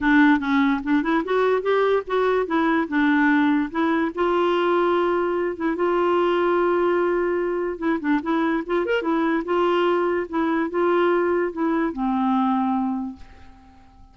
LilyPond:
\new Staff \with { instrumentName = "clarinet" } { \time 4/4 \tempo 4 = 146 d'4 cis'4 d'8 e'8 fis'4 | g'4 fis'4 e'4 d'4~ | d'4 e'4 f'2~ | f'4. e'8 f'2~ |
f'2. e'8 d'8 | e'4 f'8 ais'8 e'4 f'4~ | f'4 e'4 f'2 | e'4 c'2. | }